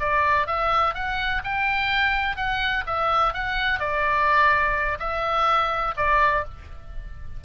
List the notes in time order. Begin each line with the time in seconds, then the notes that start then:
0.00 D5
0.47 E5
0.95 F#5
1.44 G5
2.37 F#5
2.87 E5
3.34 F#5
3.80 D5
5.00 E5
5.97 D5